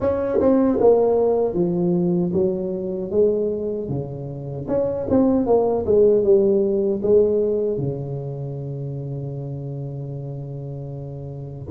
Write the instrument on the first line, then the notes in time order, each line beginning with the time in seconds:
tuba
0.00 C#4
0.39 C4
0.80 A#3
1.54 F3
2.33 F#3
3.11 G#3
3.88 C#3
4.68 C#4
5.09 C4
5.46 A#3
5.86 G#3
6.23 G3
7.02 G#3
7.77 C#3